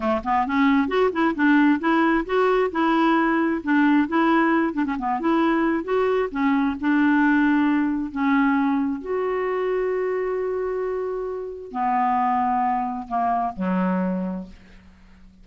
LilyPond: \new Staff \with { instrumentName = "clarinet" } { \time 4/4 \tempo 4 = 133 a8 b8 cis'4 fis'8 e'8 d'4 | e'4 fis'4 e'2 | d'4 e'4. d'16 cis'16 b8 e'8~ | e'4 fis'4 cis'4 d'4~ |
d'2 cis'2 | fis'1~ | fis'2 b2~ | b4 ais4 fis2 | }